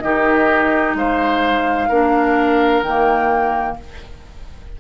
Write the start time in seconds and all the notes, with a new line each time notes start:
0.00 D#3 D#4 G4 D#5
0.94 G#3 C5 F5
1.88 A#3 D4 A#4
2.82 D#3 A#3 G5